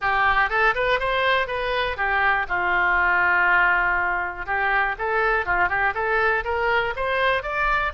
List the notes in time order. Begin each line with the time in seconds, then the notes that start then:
0.01 G4
0.49 A4
0.75 B4
0.99 C5
1.47 B4
1.97 G4
2.48 F4
4.46 G4
4.98 A4
5.45 F4
5.68 G4
5.94 A4
6.44 A#4
6.96 C5
7.42 D5